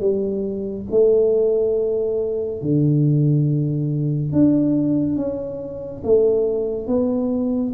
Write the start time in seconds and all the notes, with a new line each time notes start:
0.00 G3
0.91 A3
2.61 D3
4.32 D4
5.16 C#4
6.04 A3
6.87 B3